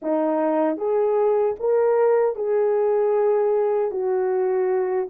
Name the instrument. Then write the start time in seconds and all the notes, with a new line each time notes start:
horn
0.02 D#4
0.77 G#4
1.59 A#4
2.36 G#4
3.91 F#4